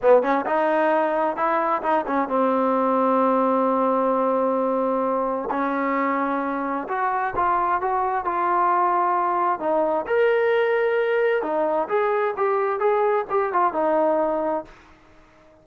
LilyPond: \new Staff \with { instrumentName = "trombone" } { \time 4/4 \tempo 4 = 131 b8 cis'8 dis'2 e'4 | dis'8 cis'8 c'2.~ | c'1 | cis'2. fis'4 |
f'4 fis'4 f'2~ | f'4 dis'4 ais'2~ | ais'4 dis'4 gis'4 g'4 | gis'4 g'8 f'8 dis'2 | }